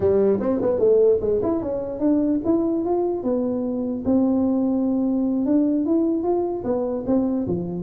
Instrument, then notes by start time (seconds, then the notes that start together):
tuba
0.00 G3
0.40 C4
0.61 B3
0.79 A3
1.20 G#3
1.42 E4
1.62 C#4
1.99 D4
2.44 E4
2.84 F4
3.23 B3
4.05 C4
5.45 D4
5.85 E4
6.23 F4
6.64 B3
7.06 C4
7.47 F3